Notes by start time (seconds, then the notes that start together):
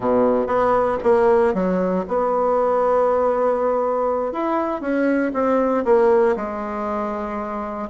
0.00 B2
0.46 B3
1.03 A#3
1.54 F#3
2.08 B3
4.32 E4
4.81 C#4
5.33 C4
5.84 A#3
6.36 G#3